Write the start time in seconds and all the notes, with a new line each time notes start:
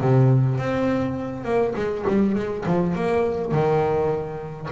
0.00 C3
0.57 C4
1.44 A#3
1.75 G#3
2.07 G3
2.35 G#3
2.66 F3
2.95 A#3
3.51 D#3